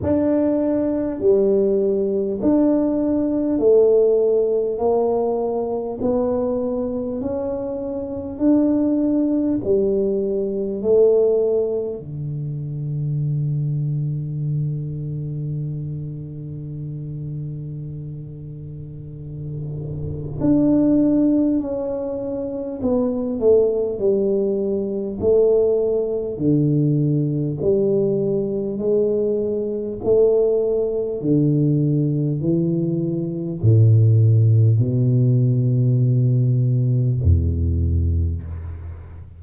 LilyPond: \new Staff \with { instrumentName = "tuba" } { \time 4/4 \tempo 4 = 50 d'4 g4 d'4 a4 | ais4 b4 cis'4 d'4 | g4 a4 d2~ | d1~ |
d4 d'4 cis'4 b8 a8 | g4 a4 d4 g4 | gis4 a4 d4 e4 | a,4 b,2 e,4 | }